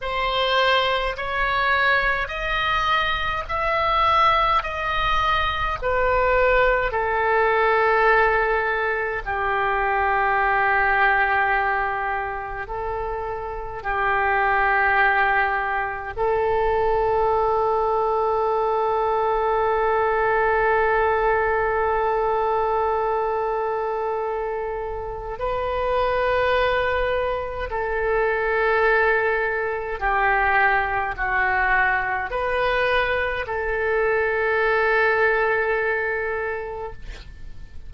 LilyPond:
\new Staff \with { instrumentName = "oboe" } { \time 4/4 \tempo 4 = 52 c''4 cis''4 dis''4 e''4 | dis''4 b'4 a'2 | g'2. a'4 | g'2 a'2~ |
a'1~ | a'2 b'2 | a'2 g'4 fis'4 | b'4 a'2. | }